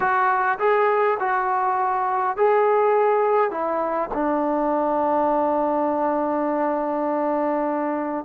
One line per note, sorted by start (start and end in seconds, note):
0.00 0.58 F#4
0.59 1.17 G#4
1.19 2.37 F#4
2.37 3.50 G#4
3.50 4.09 E4
4.13 8.24 D4